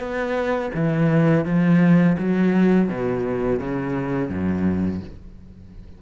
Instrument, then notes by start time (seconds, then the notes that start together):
cello
0.00 B3
0.75 E3
1.45 F3
2.19 F#3
2.89 B2
3.60 C#3
4.30 F#2